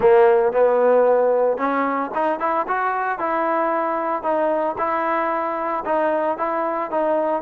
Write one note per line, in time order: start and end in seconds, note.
0.00 0.52 A#3
0.52 1.57 B3
1.57 2.10 C#4
2.14 2.39 D#4
2.39 2.66 E4
2.67 3.19 F#4
3.19 4.23 E4
4.23 4.76 D#4
4.77 5.84 E4
5.85 6.37 D#4
6.37 6.90 E4
6.90 7.42 D#4